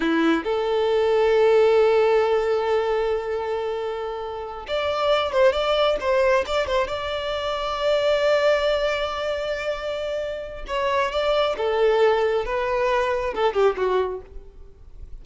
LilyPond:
\new Staff \with { instrumentName = "violin" } { \time 4/4 \tempo 4 = 135 e'4 a'2.~ | a'1~ | a'2~ a'8 d''4. | c''8 d''4 c''4 d''8 c''8 d''8~ |
d''1~ | d''1 | cis''4 d''4 a'2 | b'2 a'8 g'8 fis'4 | }